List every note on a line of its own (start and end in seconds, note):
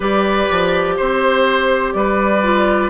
0.00 0.47 G3
0.00 2.41 G4
0.00 0.94 B4
0.00 0.97 D5
0.50 0.99 F3
0.97 1.94 C4
0.97 1.93 C5
0.97 1.92 C5
1.92 2.90 G3
1.92 2.90 B4
1.92 2.89 D5
2.42 2.90 F4